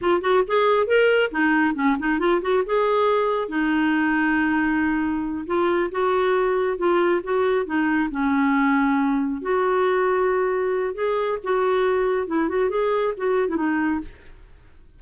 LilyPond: \new Staff \with { instrumentName = "clarinet" } { \time 4/4 \tempo 4 = 137 f'8 fis'8 gis'4 ais'4 dis'4 | cis'8 dis'8 f'8 fis'8 gis'2 | dis'1~ | dis'8 f'4 fis'2 f'8~ |
f'8 fis'4 dis'4 cis'4.~ | cis'4. fis'2~ fis'8~ | fis'4 gis'4 fis'2 | e'8 fis'8 gis'4 fis'8. e'16 dis'4 | }